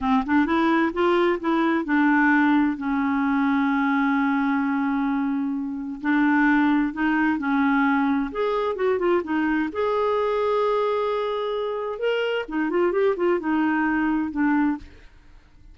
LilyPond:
\new Staff \with { instrumentName = "clarinet" } { \time 4/4 \tempo 4 = 130 c'8 d'8 e'4 f'4 e'4 | d'2 cis'2~ | cis'1~ | cis'4 d'2 dis'4 |
cis'2 gis'4 fis'8 f'8 | dis'4 gis'2.~ | gis'2 ais'4 dis'8 f'8 | g'8 f'8 dis'2 d'4 | }